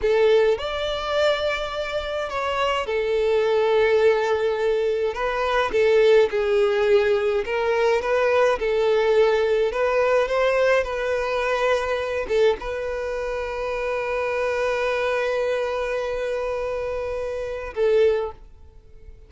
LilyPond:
\new Staff \with { instrumentName = "violin" } { \time 4/4 \tempo 4 = 105 a'4 d''2. | cis''4 a'2.~ | a'4 b'4 a'4 gis'4~ | gis'4 ais'4 b'4 a'4~ |
a'4 b'4 c''4 b'4~ | b'4. a'8 b'2~ | b'1~ | b'2. a'4 | }